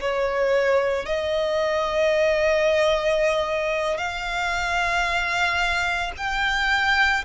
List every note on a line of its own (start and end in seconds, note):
0.00 1.05 C#5
1.05 3.97 D#5
3.97 6.12 F5
6.17 7.24 G5